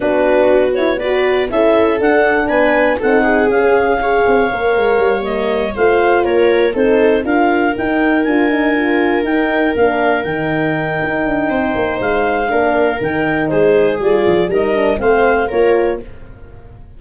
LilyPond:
<<
  \new Staff \with { instrumentName = "clarinet" } { \time 4/4 \tempo 4 = 120 b'4. cis''8 d''4 e''4 | fis''4 gis''4 fis''4 f''4~ | f''2~ f''8 dis''4 f''8~ | f''8 cis''4 c''4 f''4 g''8~ |
g''8 gis''2 g''4 f''8~ | f''8 g''2.~ g''8 | f''2 g''4 c''4 | d''4 dis''4 f''4 cis''4 | }
  \new Staff \with { instrumentName = "viola" } { \time 4/4 fis'2 b'4 a'4~ | a'4 b'4 a'8 gis'4. | cis''2.~ cis''8 c''8~ | c''8 ais'4 a'4 ais'4.~ |
ais'1~ | ais'2. c''4~ | c''4 ais'2 gis'4~ | gis'4 ais'4 c''4 ais'4 | }
  \new Staff \with { instrumentName = "horn" } { \time 4/4 d'4. e'8 fis'4 e'4 | d'2 dis'4 cis'4 | gis'4 ais'4. ais4 f'8~ | f'4. dis'4 f'4 dis'8~ |
dis'8 f'8 dis'8 f'4 dis'4 d'8~ | d'8 dis'2.~ dis'8~ | dis'4 d'4 dis'2 | f'4 dis'8 d'8 c'4 f'4 | }
  \new Staff \with { instrumentName = "tuba" } { \time 4/4 b2. cis'4 | d'4 b4 c'4 cis'4~ | cis'8 c'8 ais8 gis8 g4. a8~ | a8 ais4 c'4 d'4 dis'8~ |
dis'8 d'2 dis'4 ais8~ | ais8 dis4. dis'8 d'8 c'8 ais8 | gis4 ais4 dis4 gis4 | g8 f8 g4 a4 ais4 | }
>>